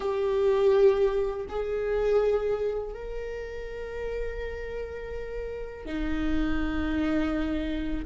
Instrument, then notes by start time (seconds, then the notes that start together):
viola
0.00 G4
1.48 G#4
2.93 A#4
5.85 D#4